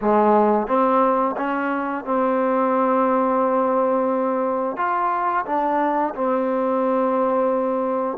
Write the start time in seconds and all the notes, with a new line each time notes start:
0.01 G#3
0.67 C4
1.36 C#4
2.05 C4
4.77 F4
5.45 D4
6.14 C4